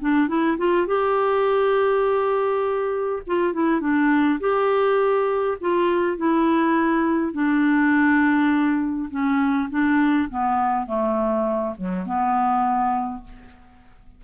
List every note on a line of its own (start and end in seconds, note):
0.00 0.28 D4
0.28 0.57 E4
0.57 0.87 F4
0.87 3.22 G4
3.26 3.53 F4
3.53 3.80 E4
3.80 4.39 D4
4.40 5.57 G4
5.60 6.17 F4
6.17 7.33 E4
7.33 9.09 D4
9.10 9.69 C#4
9.70 10.28 D4
10.29 10.86 B3
10.86 11.74 A3
11.77 12.06 F#3
12.06 13.23 B3